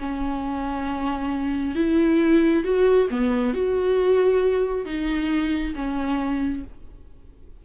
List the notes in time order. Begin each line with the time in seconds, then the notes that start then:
0.00 C#4
1.75 E4
2.64 F#4
3.11 B3
3.54 F#4
4.86 D#4
5.76 C#4